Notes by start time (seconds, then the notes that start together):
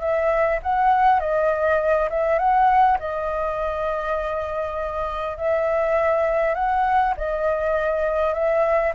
0.00 E5
0.63 F#5
1.20 D#5
2.10 E5
2.38 F#5
2.99 D#5
5.37 E5
6.55 F#5
7.17 D#5
8.34 E5